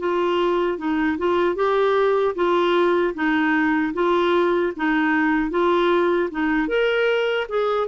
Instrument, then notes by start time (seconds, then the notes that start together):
clarinet
0.00 F4
0.78 D#4
1.18 F4
1.56 G4
2.35 F4
3.14 D#4
3.94 F4
4.77 D#4
5.51 F4
6.31 D#4
6.68 A#4
7.49 G#4